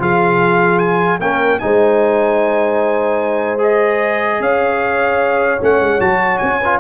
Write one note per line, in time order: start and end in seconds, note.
0.00 1.20 F3
0.00 1.20 F4
0.00 1.21 G#4
0.00 0.79 F5
0.79 1.19 G#5
1.20 1.60 A#3
1.20 1.60 C#4
1.20 1.61 A#4
1.20 1.59 G5
1.59 4.40 G#3
1.59 3.58 D#4
1.59 4.41 C5
1.59 3.59 G#5
3.58 5.58 G#4
3.58 4.42 D#5
4.40 5.60 C#4
4.40 6.60 C#5
4.40 5.62 F5
5.61 5.80 A3
5.61 6.00 C#4
5.61 6.01 F#5
5.80 6.00 G#3
6.00 6.40 F#3
6.00 6.60 F#4
6.00 6.38 A5
6.38 6.80 C#4
6.38 6.78 G#5
6.60 6.80 F4
6.60 6.80 B4